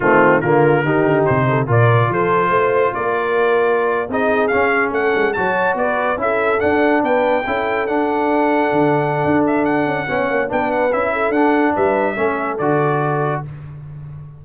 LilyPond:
<<
  \new Staff \with { instrumentName = "trumpet" } { \time 4/4 \tempo 4 = 143 f'4 ais'2 c''4 | d''4 c''2 d''4~ | d''4.~ d''16 dis''4 f''4 fis''16~ | fis''8. a''4 d''4 e''4 fis''16~ |
fis''8. g''2 fis''4~ fis''16~ | fis''2~ fis''8 e''8 fis''4~ | fis''4 g''8 fis''8 e''4 fis''4 | e''2 d''2 | }
  \new Staff \with { instrumentName = "horn" } { \time 4/4 c'4 f'4 g'4. a'8 | ais'4 a'4 c''4 ais'4~ | ais'4.~ ais'16 gis'2 a'16~ | a'8. cis''4 b'4 a'4~ a'16~ |
a'8. b'4 a'2~ a'16~ | a'1 | cis''4 b'4. a'4. | b'4 a'2. | }
  \new Staff \with { instrumentName = "trombone" } { \time 4/4 a4 ais4 dis'2 | f'1~ | f'4.~ f'16 dis'4 cis'4~ cis'16~ | cis'8. fis'2 e'4 d'16~ |
d'4.~ d'16 e'4 d'4~ d'16~ | d'1 | cis'4 d'4 e'4 d'4~ | d'4 cis'4 fis'2 | }
  \new Staff \with { instrumentName = "tuba" } { \time 4/4 dis4 d4 dis8 d8 c4 | ais,4 f4 a4 ais4~ | ais4.~ ais16 c'4 cis'4 a16~ | a16 gis8 fis4 b4 cis'4 d'16~ |
d'8. b4 cis'4 d'4~ d'16~ | d'8. d4~ d16 d'4. cis'8 | b8 ais8 b4 cis'4 d'4 | g4 a4 d2 | }
>>